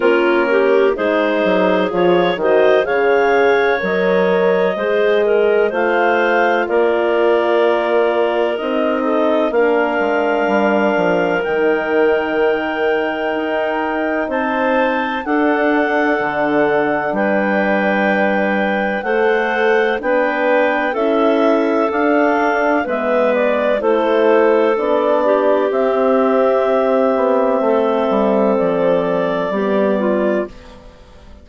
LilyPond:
<<
  \new Staff \with { instrumentName = "clarinet" } { \time 4/4 \tempo 4 = 63 ais'4 c''4 cis''8 dis''8 f''4 | dis''2 f''4 d''4~ | d''4 dis''4 f''2 | g''2. a''4 |
fis''2 g''2 | fis''4 g''4 e''4 f''4 | e''8 d''8 c''4 d''4 e''4~ | e''2 d''2 | }
  \new Staff \with { instrumentName = "clarinet" } { \time 4/4 f'8 g'8 gis'4. c''8 cis''4~ | cis''4 c''8 ais'8 c''4 ais'4~ | ais'4. a'8 ais'2~ | ais'2. c''4 |
a'2 b'2 | c''4 b'4 a'2 | b'4 a'4. g'4.~ | g'4 a'2 g'8 f'8 | }
  \new Staff \with { instrumentName = "horn" } { \time 4/4 cis'4 dis'4 f'8 fis'8 gis'4 | ais'4 gis'4 f'2~ | f'4 dis'4 d'2 | dis'1 |
d'1 | a'4 d'4 e'4 d'4 | b4 e'4 d'4 c'4~ | c'2. b4 | }
  \new Staff \with { instrumentName = "bassoon" } { \time 4/4 ais4 gis8 fis8 f8 dis8 cis4 | fis4 gis4 a4 ais4~ | ais4 c'4 ais8 gis8 g8 f8 | dis2 dis'4 c'4 |
d'4 d4 g2 | a4 b4 cis'4 d'4 | gis4 a4 b4 c'4~ | c'8 b8 a8 g8 f4 g4 | }
>>